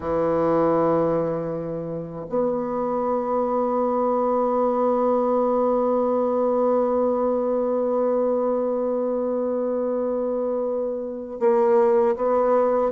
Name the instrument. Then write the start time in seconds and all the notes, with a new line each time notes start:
bassoon
0.00 E3
2.29 B3
11.39 A#3
12.16 B3